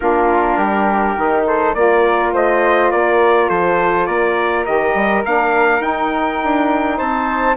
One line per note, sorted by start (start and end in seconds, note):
0.00 0.57 A#3
0.00 1.16 D4
0.00 0.58 F4
0.00 1.45 A#4
0.57 1.15 G3
0.57 1.45 G4
1.16 1.74 D#3
1.16 1.74 D#4
1.46 1.76 A4
1.46 1.74 C5
1.74 2.32 A#3
1.74 4.65 F4
1.74 2.33 A#4
1.74 2.32 D5
2.32 2.91 A3
2.32 2.91 C5
2.32 2.91 D#5
2.91 3.49 A#3
2.91 3.49 A#4
2.91 3.49 D5
3.49 4.07 F3
3.49 4.07 A4
3.49 4.06 C5
4.06 4.66 A#3
4.06 6.97 A#4
4.06 4.64 D5
4.65 4.94 D#3
4.65 5.23 G4
4.65 5.23 D#5
4.94 5.23 G3
5.24 5.79 A#3
5.24 5.79 D4
5.24 5.82 F5
5.79 7.54 D#4
5.79 6.38 D#4
5.79 6.98 G5
6.43 7.00 D4
6.97 7.56 C4
6.97 7.55 C5
6.97 7.56 A5